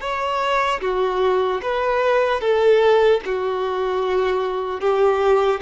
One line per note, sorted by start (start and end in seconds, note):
0.00 0.80 C#5
0.81 1.61 F#4
1.62 2.40 B4
2.40 3.20 A4
3.25 4.80 F#4
4.80 5.60 G4